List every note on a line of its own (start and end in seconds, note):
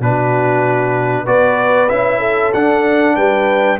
0.00 1.26 B2
0.00 1.26 D4
0.00 1.24 F#4
0.00 1.27 B4
1.24 1.90 B3
1.24 1.89 F#4
1.24 2.19 B4
1.24 1.89 D5
1.89 2.54 C#4
1.89 2.53 E4
1.89 2.52 E5
2.19 3.14 A4
2.53 3.16 D4
2.53 3.79 D4
2.53 3.16 F#5
3.16 3.79 G3
3.16 3.79 B4
3.16 3.79 G5